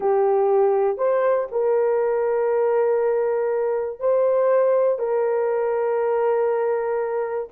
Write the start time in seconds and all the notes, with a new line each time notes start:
0.00 G4
0.97 C5
1.51 A#4
3.99 C5
4.98 A#4